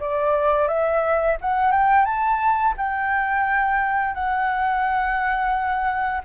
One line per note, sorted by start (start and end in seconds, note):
0.00 0.68 D5
0.68 1.37 E5
1.41 1.71 F#5
1.71 2.05 G5
2.05 2.74 A5
2.77 4.14 G5
4.14 6.21 F#5